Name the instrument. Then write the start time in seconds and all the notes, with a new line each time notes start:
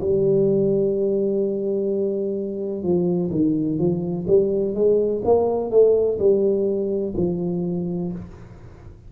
tuba
0.00 G3
2.82 F3
3.30 D#3
3.78 F3
4.27 G3
4.74 G#3
5.24 A#3
5.70 A3
6.19 G3
7.16 F3